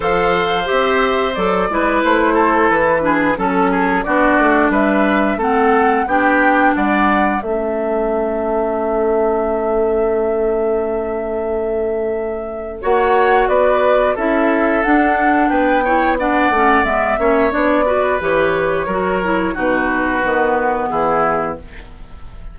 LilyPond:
<<
  \new Staff \with { instrumentName = "flute" } { \time 4/4 \tempo 4 = 89 f''4 e''4 d''4 c''4 | b'4 a'4 d''4 e''4 | fis''4 g''4 fis''4 e''4~ | e''1~ |
e''2. fis''4 | d''4 e''4 fis''4 g''4 | fis''4 e''4 d''4 cis''4~ | cis''4 b'2 gis'4 | }
  \new Staff \with { instrumentName = "oboe" } { \time 4/4 c''2~ c''8 b'4 a'8~ | a'8 gis'8 a'8 gis'8 fis'4 b'4 | a'4 g'4 d''4 a'4~ | a'1~ |
a'2. cis''4 | b'4 a'2 b'8 cis''8 | d''4. cis''4 b'4. | ais'4 fis'2 e'4 | }
  \new Staff \with { instrumentName = "clarinet" } { \time 4/4 a'4 g'4 a'8 e'4.~ | e'8 d'8 cis'4 d'2 | c'4 d'2 cis'4~ | cis'1~ |
cis'2. fis'4~ | fis'4 e'4 d'4. e'8 | d'8 cis'8 b8 cis'8 d'8 fis'8 g'4 | fis'8 e'8 dis'4 b2 | }
  \new Staff \with { instrumentName = "bassoon" } { \time 4/4 f4 c'4 fis8 gis8 a4 | e4 fis4 b8 a8 g4 | a4 b4 g4 a4~ | a1~ |
a2. ais4 | b4 cis'4 d'4 b4~ | b8 a8 gis8 ais8 b4 e4 | fis4 b,4 dis4 e4 | }
>>